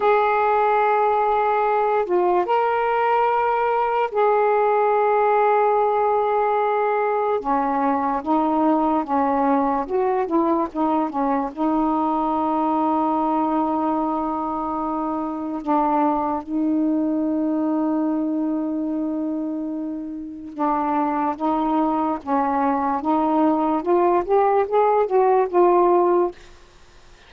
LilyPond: \new Staff \with { instrumentName = "saxophone" } { \time 4/4 \tempo 4 = 73 gis'2~ gis'8 f'8 ais'4~ | ais'4 gis'2.~ | gis'4 cis'4 dis'4 cis'4 | fis'8 e'8 dis'8 cis'8 dis'2~ |
dis'2. d'4 | dis'1~ | dis'4 d'4 dis'4 cis'4 | dis'4 f'8 g'8 gis'8 fis'8 f'4 | }